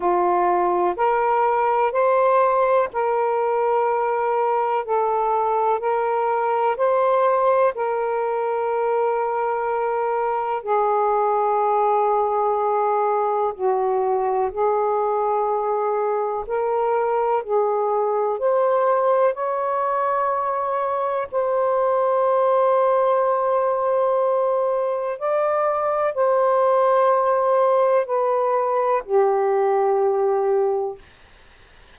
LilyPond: \new Staff \with { instrumentName = "saxophone" } { \time 4/4 \tempo 4 = 62 f'4 ais'4 c''4 ais'4~ | ais'4 a'4 ais'4 c''4 | ais'2. gis'4~ | gis'2 fis'4 gis'4~ |
gis'4 ais'4 gis'4 c''4 | cis''2 c''2~ | c''2 d''4 c''4~ | c''4 b'4 g'2 | }